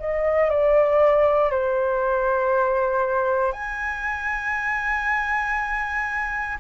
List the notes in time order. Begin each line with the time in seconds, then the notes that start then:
0.00 D#5
0.50 D5
1.51 C5
3.53 G#5